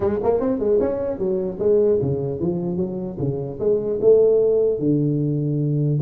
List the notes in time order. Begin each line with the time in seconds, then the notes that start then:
0.00 G#3
0.23 A#3
0.39 C4
0.59 G#3
0.80 C#4
1.18 F#3
1.59 G#3
2.01 C#3
2.40 F3
2.76 F#3
3.18 C#3
3.59 G#3
4.01 A3
4.79 D3